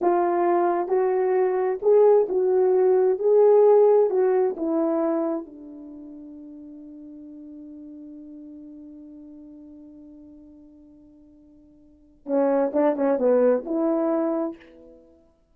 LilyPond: \new Staff \with { instrumentName = "horn" } { \time 4/4 \tempo 4 = 132 f'2 fis'2 | gis'4 fis'2 gis'4~ | gis'4 fis'4 e'2 | d'1~ |
d'1~ | d'1~ | d'2. cis'4 | d'8 cis'8 b4 e'2 | }